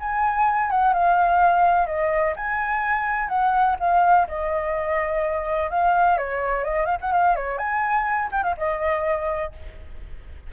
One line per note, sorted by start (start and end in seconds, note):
0.00 0.71 G#5
0.71 0.94 F#5
0.94 1.87 F5
1.87 2.34 D#5
2.36 3.29 G#5
3.29 3.76 F#5
3.80 4.27 F5
4.28 5.71 D#5
5.71 6.18 F5
6.18 6.64 C#5
6.64 6.86 D#5
6.86 6.98 F5
7.01 7.12 F#5
7.12 7.36 F5
7.36 7.58 C#5
7.58 8.30 G#5
8.32 8.44 G5
8.44 8.55 F5
8.57 9.53 D#5